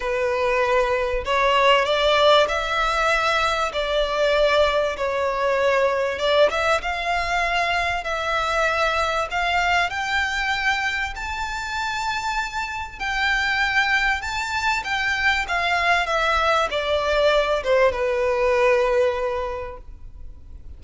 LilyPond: \new Staff \with { instrumentName = "violin" } { \time 4/4 \tempo 4 = 97 b'2 cis''4 d''4 | e''2 d''2 | cis''2 d''8 e''8 f''4~ | f''4 e''2 f''4 |
g''2 a''2~ | a''4 g''2 a''4 | g''4 f''4 e''4 d''4~ | d''8 c''8 b'2. | }